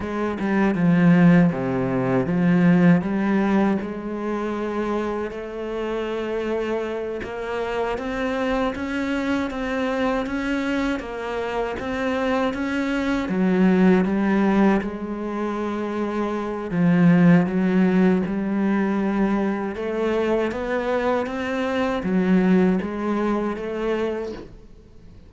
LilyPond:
\new Staff \with { instrumentName = "cello" } { \time 4/4 \tempo 4 = 79 gis8 g8 f4 c4 f4 | g4 gis2 a4~ | a4. ais4 c'4 cis'8~ | cis'8 c'4 cis'4 ais4 c'8~ |
c'8 cis'4 fis4 g4 gis8~ | gis2 f4 fis4 | g2 a4 b4 | c'4 fis4 gis4 a4 | }